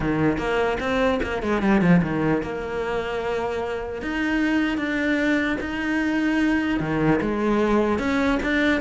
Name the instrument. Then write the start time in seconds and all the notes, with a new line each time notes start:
cello
0.00 D#3
0.38 A#3
0.79 C4
1.22 A#3
1.42 G#3
1.62 G3
1.81 F3
2.02 D#3
2.42 A#3
4.01 D#4
4.77 D4
5.60 D#4
6.79 D#3
7.21 G#3
7.98 C#4
8.42 D4